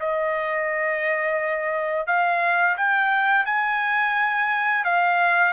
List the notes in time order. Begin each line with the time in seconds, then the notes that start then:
0.00 D#5
2.07 F5
2.77 G5
3.46 G#5
4.85 F5